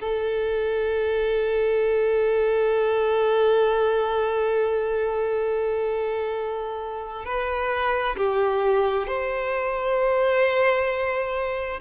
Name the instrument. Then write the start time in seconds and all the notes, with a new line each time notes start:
violin
0.00 A4
7.26 B4
8.17 G4
9.07 C5